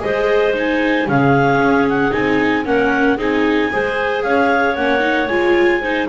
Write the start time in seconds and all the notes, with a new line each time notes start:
0.00 G#3 G#4 C5 D#5
0.54 D#4 G#5
1.08 C#3 C#4 G#4 F5
1.58 C#4
1.89 F#5
2.11 C4 D#4 G#5
2.65 A#3 C#4 A#4 F#5
3.17 C4 D#4 G#4 G#5
3.72 G#3 G#4 C5
4.23 C#4 C#5 F5
4.76 A#3 C#4 F#5
5.00 D#4
5.28 G#3 F4 G#5
5.81 D#4 C5